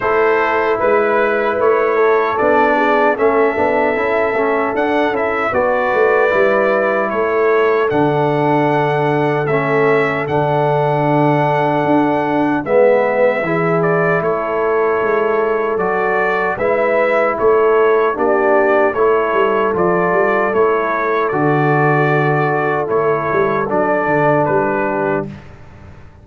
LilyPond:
<<
  \new Staff \with { instrumentName = "trumpet" } { \time 4/4 \tempo 4 = 76 c''4 b'4 cis''4 d''4 | e''2 fis''8 e''8 d''4~ | d''4 cis''4 fis''2 | e''4 fis''2. |
e''4. d''8 cis''2 | d''4 e''4 cis''4 d''4 | cis''4 d''4 cis''4 d''4~ | d''4 cis''4 d''4 b'4 | }
  \new Staff \with { instrumentName = "horn" } { \time 4/4 a'4 b'4. a'4 gis'8 | a'2. b'4~ | b'4 a'2.~ | a'1 |
b'4 gis'4 a'2~ | a'4 b'4 a'4 g'4 | a'1~ | a'2.~ a'8 g'8 | }
  \new Staff \with { instrumentName = "trombone" } { \time 4/4 e'2. d'4 | cis'8 d'8 e'8 cis'8 d'8 e'8 fis'4 | e'2 d'2 | cis'4 d'2. |
b4 e'2. | fis'4 e'2 d'4 | e'4 f'4 e'4 fis'4~ | fis'4 e'4 d'2 | }
  \new Staff \with { instrumentName = "tuba" } { \time 4/4 a4 gis4 a4 b4 | a8 b8 cis'8 a8 d'8 cis'8 b8 a8 | g4 a4 d2 | a4 d2 d'4 |
gis4 e4 a4 gis4 | fis4 gis4 a4 ais4 | a8 g8 f8 g8 a4 d4~ | d4 a8 g8 fis8 d8 g4 | }
>>